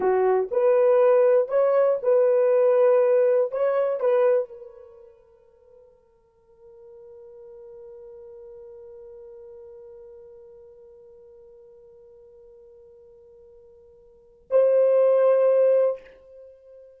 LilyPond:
\new Staff \with { instrumentName = "horn" } { \time 4/4 \tempo 4 = 120 fis'4 b'2 cis''4 | b'2. cis''4 | b'4 ais'2.~ | ais'1~ |
ais'1~ | ais'1~ | ais'1~ | ais'4 c''2. | }